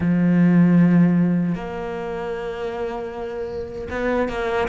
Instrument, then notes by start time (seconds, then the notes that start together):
cello
0.00 F3
1.54 A#3
3.90 B3
4.29 A#3